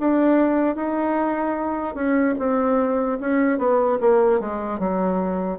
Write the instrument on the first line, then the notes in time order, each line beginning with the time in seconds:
bassoon
0.00 D4
0.76 D#4
1.95 C#4
2.39 C4
3.21 C#4
3.59 B3
4.01 A#3
4.40 G#3
4.80 F#3